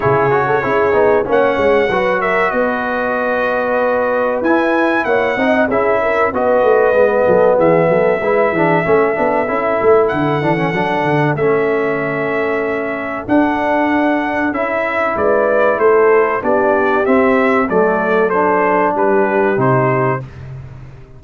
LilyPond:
<<
  \new Staff \with { instrumentName = "trumpet" } { \time 4/4 \tempo 4 = 95 cis''2 fis''4. e''8 | dis''2. gis''4 | fis''4 e''4 dis''2 | e''1 |
fis''2 e''2~ | e''4 fis''2 e''4 | d''4 c''4 d''4 e''4 | d''4 c''4 b'4 c''4 | }
  \new Staff \with { instrumentName = "horn" } { \time 4/4 gis'8. a'16 gis'4 cis''4 b'8 ais'8 | b'1 | cis''8 dis''8 gis'8 ais'8 b'4. a'8 | gis'8 a'8 b'8 gis'8 a'2~ |
a'1~ | a'1 | b'4 a'4 g'2 | a'2 g'2 | }
  \new Staff \with { instrumentName = "trombone" } { \time 4/4 e'8 fis'8 e'8 dis'8 cis'4 fis'4~ | fis'2. e'4~ | e'8 dis'8 e'4 fis'4 b4~ | b4 e'8 d'8 cis'8 d'8 e'4~ |
e'8 d'16 cis'16 d'4 cis'2~ | cis'4 d'2 e'4~ | e'2 d'4 c'4 | a4 d'2 dis'4 | }
  \new Staff \with { instrumentName = "tuba" } { \time 4/4 cis4 cis'8 b8 ais8 gis8 fis4 | b2. e'4 | ais8 c'8 cis'4 b8 a8 gis8 fis8 | e8 fis8 gis8 e8 a8 b8 cis'8 a8 |
d8 e8 fis8 d8 a2~ | a4 d'2 cis'4 | gis4 a4 b4 c'4 | fis2 g4 c4 | }
>>